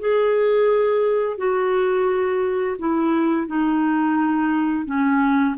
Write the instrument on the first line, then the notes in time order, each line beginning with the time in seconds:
clarinet
0.00 G#4
1.38 F#4
2.79 E4
3.48 D#4
4.86 C#4